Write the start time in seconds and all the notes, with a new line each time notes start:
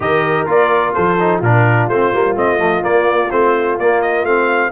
0.00 D#3 G4 A#4 D#5
0.46 A#3 F4 D5
0.93 F3 A4 C5
1.19 D#4
1.39 A#2 D4 F4 A#4
1.88 A3 C4 C5
2.13 G3 A#3
2.35 A3 C4 D#5
2.58 F3 A3
2.81 A#3 D5
3.30 A3 C4 C5
3.78 A#3 D5
4.01 D#5
4.23 A3 C4 F5